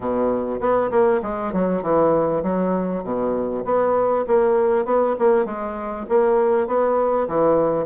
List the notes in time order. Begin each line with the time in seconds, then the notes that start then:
0.00 B2
0.60 B3
0.90 A#3
1.22 G#3
1.52 F#3
1.82 E3
2.42 F#3
3.03 B2
3.64 B3
4.27 A#3
4.85 B3
5.18 A#3
5.45 G#3
6.08 A#3
6.67 B3
7.28 E3